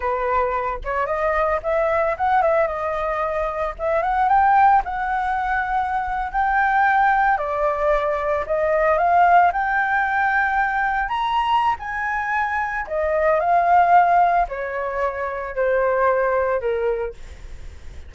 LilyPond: \new Staff \with { instrumentName = "flute" } { \time 4/4 \tempo 4 = 112 b'4. cis''8 dis''4 e''4 | fis''8 e''8 dis''2 e''8 fis''8 | g''4 fis''2~ fis''8. g''16~ | g''4.~ g''16 d''2 dis''16~ |
dis''8. f''4 g''2~ g''16~ | g''8. ais''4~ ais''16 gis''2 | dis''4 f''2 cis''4~ | cis''4 c''2 ais'4 | }